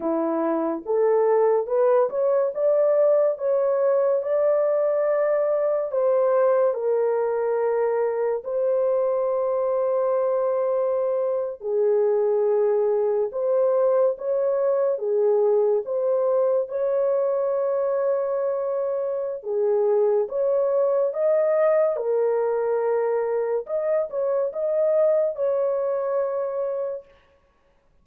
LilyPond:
\new Staff \with { instrumentName = "horn" } { \time 4/4 \tempo 4 = 71 e'4 a'4 b'8 cis''8 d''4 | cis''4 d''2 c''4 | ais'2 c''2~ | c''4.~ c''16 gis'2 c''16~ |
c''8. cis''4 gis'4 c''4 cis''16~ | cis''2. gis'4 | cis''4 dis''4 ais'2 | dis''8 cis''8 dis''4 cis''2 | }